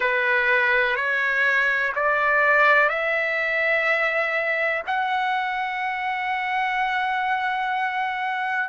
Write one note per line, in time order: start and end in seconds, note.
0.00 0.95 B4
0.95 1.92 C#5
1.95 2.89 D5
2.89 4.83 E5
4.87 8.69 F#5